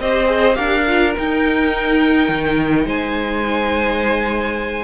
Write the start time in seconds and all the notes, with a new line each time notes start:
0.00 C4 G4 C5 D#5
0.26 G#4
0.55 D4 G4 A#4 F5
0.87 F4
1.15 D#4 G5
2.29 D#3
2.86 G#3 C5 G#5